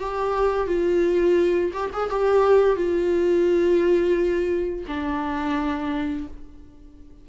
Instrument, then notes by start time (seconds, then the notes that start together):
viola
0.00 G4
0.67 F4
1.73 G4
1.93 G#4
2.10 G4
2.76 F4
4.88 D4